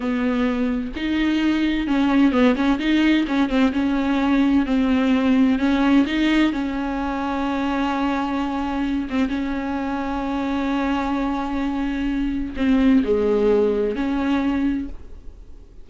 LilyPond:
\new Staff \with { instrumentName = "viola" } { \time 4/4 \tempo 4 = 129 b2 dis'2 | cis'4 b8 cis'8 dis'4 cis'8 c'8 | cis'2 c'2 | cis'4 dis'4 cis'2~ |
cis'2.~ cis'8 c'8 | cis'1~ | cis'2. c'4 | gis2 cis'2 | }